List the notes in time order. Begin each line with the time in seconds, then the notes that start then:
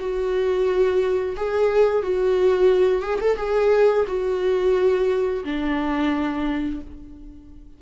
0.00 F#4
1.37 G#4
2.03 F#4
3.03 G#4
3.21 A4
3.37 G#4
4.08 F#4
5.45 D4